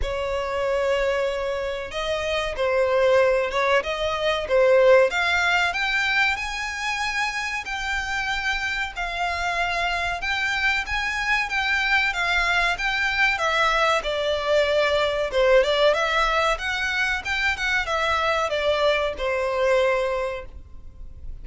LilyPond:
\new Staff \with { instrumentName = "violin" } { \time 4/4 \tempo 4 = 94 cis''2. dis''4 | c''4. cis''8 dis''4 c''4 | f''4 g''4 gis''2 | g''2 f''2 |
g''4 gis''4 g''4 f''4 | g''4 e''4 d''2 | c''8 d''8 e''4 fis''4 g''8 fis''8 | e''4 d''4 c''2 | }